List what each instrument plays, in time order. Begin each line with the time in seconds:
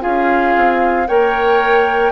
0.00 bassoon C#4, clarinet F4, oboe G#4, flute F5
0.56 bassoon C4
1.07 bassoon A#3, clarinet A#4, oboe C#5, flute G5